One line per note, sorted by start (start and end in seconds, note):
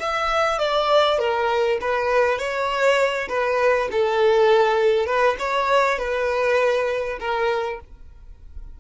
0.00 0.59 E5
0.59 1.19 D5
1.19 1.79 A#4
1.81 2.39 B4
2.39 3.29 C#5
3.29 3.89 B4
3.92 5.06 A4
5.06 5.36 B4
5.39 5.99 C#5
5.99 7.19 B4
7.20 7.80 A#4